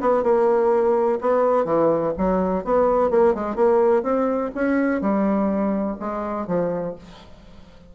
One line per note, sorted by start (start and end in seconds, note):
0.00 0.23 B3
0.23 1.19 A#3
1.20 1.65 B3
1.65 2.13 E3
2.18 2.64 F#3
2.64 3.10 B3
3.10 3.34 A#3
3.34 3.55 G#3
3.55 4.03 A#3
4.03 4.51 C4
4.55 5.01 C#4
5.01 5.97 G3
5.99 6.47 G#3
6.47 6.95 F3